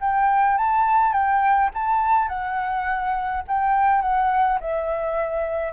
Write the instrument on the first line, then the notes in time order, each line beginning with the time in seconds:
flute
0.00 G5
0.57 A5
1.12 G5
1.74 A5
2.28 F#5
3.47 G5
4.02 F#5
4.60 E5